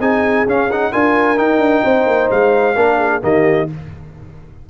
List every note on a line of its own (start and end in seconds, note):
0.00 0.46 C4
0.00 0.47 D#4
0.00 0.92 G#4
0.00 0.47 G#5
0.47 0.93 C#4
0.47 0.71 C#4
0.47 0.72 F5
0.72 0.93 D#4
0.72 0.93 F#5
0.92 1.38 D4
0.92 1.37 F4
0.92 1.85 A#4
0.92 1.39 G#5
1.37 2.76 D#4
1.37 1.59 D#4
1.37 2.31 G5
1.59 1.82 D4
1.85 2.06 C4
1.85 2.76 C5
2.06 2.30 A#3
2.31 2.76 G#3
2.31 3.23 F5
2.76 3.22 A#3
2.76 3.22 D4
2.76 2.99 A#4
2.99 3.22 G#4
3.22 3.69 D#3
3.22 3.68 A#3
3.22 3.70 G4
3.22 3.70 D#5